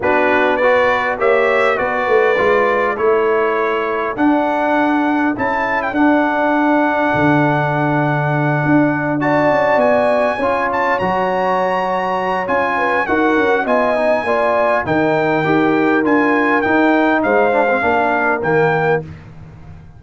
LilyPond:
<<
  \new Staff \with { instrumentName = "trumpet" } { \time 4/4 \tempo 4 = 101 b'4 d''4 e''4 d''4~ | d''4 cis''2 fis''4~ | fis''4 a''8. g''16 fis''2~ | fis''2.~ fis''8 a''8~ |
a''8 gis''4. a''8 ais''4.~ | ais''4 gis''4 fis''4 gis''4~ | gis''4 g''2 gis''4 | g''4 f''2 g''4 | }
  \new Staff \with { instrumentName = "horn" } { \time 4/4 fis'4 b'4 cis''4 b'4~ | b'4 a'2.~ | a'1~ | a'2.~ a'8 d''8~ |
d''4. cis''2~ cis''8~ | cis''4. b'8 ais'4 dis''4 | d''4 ais'2.~ | ais'4 c''4 ais'2 | }
  \new Staff \with { instrumentName = "trombone" } { \time 4/4 d'4 fis'4 g'4 fis'4 | f'4 e'2 d'4~ | d'4 e'4 d'2~ | d'2.~ d'8 fis'8~ |
fis'4. f'4 fis'4.~ | fis'4 f'4 fis'4 f'8 dis'8 | f'4 dis'4 g'4 f'4 | dis'4. d'16 c'16 d'4 ais4 | }
  \new Staff \with { instrumentName = "tuba" } { \time 4/4 b2 ais4 b8 a8 | gis4 a2 d'4~ | d'4 cis'4 d'2 | d2~ d8 d'4. |
cis'8 b4 cis'4 fis4.~ | fis4 cis'4 dis'8 cis'8 b4 | ais4 dis4 dis'4 d'4 | dis'4 gis4 ais4 dis4 | }
>>